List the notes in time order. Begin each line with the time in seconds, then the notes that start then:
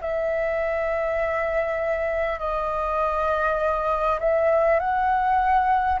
0.00 E5
2.39 D#5
4.19 E5
4.79 F#5